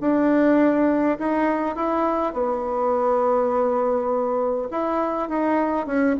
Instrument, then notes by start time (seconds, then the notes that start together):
bassoon
0.00 D4
1.18 D#4
1.76 E4
2.33 B3
4.71 E4
5.29 D#4
5.86 C#4